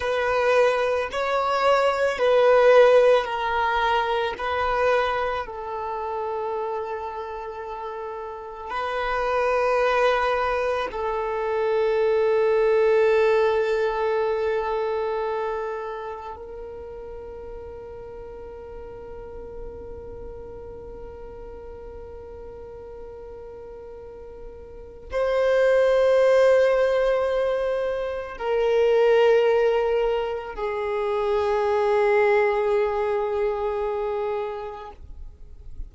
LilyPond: \new Staff \with { instrumentName = "violin" } { \time 4/4 \tempo 4 = 55 b'4 cis''4 b'4 ais'4 | b'4 a'2. | b'2 a'2~ | a'2. ais'4~ |
ais'1~ | ais'2. c''4~ | c''2 ais'2 | gis'1 | }